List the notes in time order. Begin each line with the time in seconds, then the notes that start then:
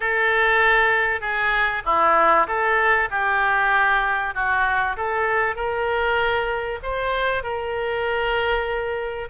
0.00 A4
1.20 G#4
1.85 E4
2.47 A4
3.10 G4
4.34 F#4
4.96 A4
5.55 A#4
6.82 C5
7.43 A#4